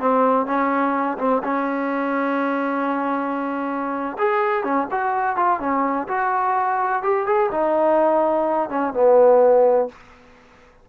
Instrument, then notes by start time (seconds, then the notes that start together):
trombone
0.00 C4
0.47 C#4
1.19 C4
1.44 C#4
4.19 G#4
4.64 C#4
4.91 F#4
5.37 F4
5.60 C#4
6.08 F#4
7.03 G4
7.27 G#4
7.52 D#4
8.70 C#4
8.94 B3